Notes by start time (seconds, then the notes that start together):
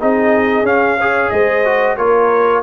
0.00 C4 D#4 G#4 D#5
0.63 C#4 F5
0.99 G#4 C#5
1.30 G#3 C5 D#5
1.65 F#4
1.97 A#3 F4 A#4 C#5